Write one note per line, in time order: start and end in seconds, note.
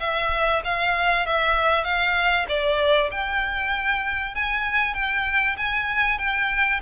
0.00 0.62 E5
0.64 1.26 F5
1.26 1.84 E5
1.84 2.46 F5
2.48 3.10 D5
3.11 4.34 G5
4.34 4.94 G#5
4.94 5.56 G5
5.57 6.18 G#5
6.18 6.80 G5